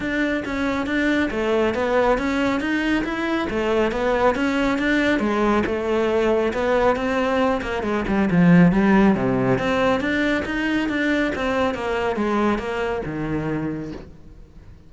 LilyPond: \new Staff \with { instrumentName = "cello" } { \time 4/4 \tempo 4 = 138 d'4 cis'4 d'4 a4 | b4 cis'4 dis'4 e'4 | a4 b4 cis'4 d'4 | gis4 a2 b4 |
c'4. ais8 gis8 g8 f4 | g4 c4 c'4 d'4 | dis'4 d'4 c'4 ais4 | gis4 ais4 dis2 | }